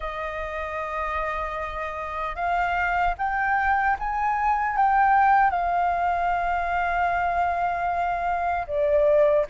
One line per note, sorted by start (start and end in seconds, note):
0.00 2.35 D#5
2.35 3.14 F5
3.18 3.97 G5
3.99 4.76 G#5
4.76 5.50 G5
5.50 8.66 F5
8.67 9.46 D5